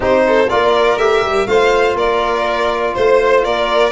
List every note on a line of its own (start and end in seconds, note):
0.00 0.48 C4
0.00 0.47 D#4
0.00 0.23 G4
0.00 0.49 C5
0.26 0.50 A4
0.49 0.97 A#3
0.49 0.98 F4
0.49 1.48 A#4
0.49 0.98 D5
0.97 1.21 A3
0.97 1.47 G4
0.97 1.47 E5
1.21 1.46 G3
1.47 1.94 A3
1.47 3.91 F4
1.47 1.96 C5
1.47 1.96 F5
1.94 2.93 A#3
1.94 2.94 A#4
1.94 2.95 D5
2.94 3.45 A3
2.94 3.43 C5
2.94 3.44 C5
3.44 3.91 A#3
3.44 3.91 A#4
3.44 3.91 D5